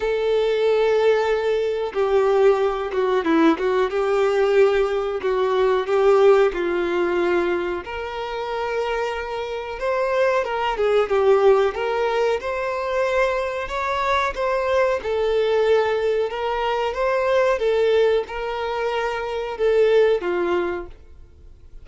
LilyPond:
\new Staff \with { instrumentName = "violin" } { \time 4/4 \tempo 4 = 92 a'2. g'4~ | g'8 fis'8 e'8 fis'8 g'2 | fis'4 g'4 f'2 | ais'2. c''4 |
ais'8 gis'8 g'4 ais'4 c''4~ | c''4 cis''4 c''4 a'4~ | a'4 ais'4 c''4 a'4 | ais'2 a'4 f'4 | }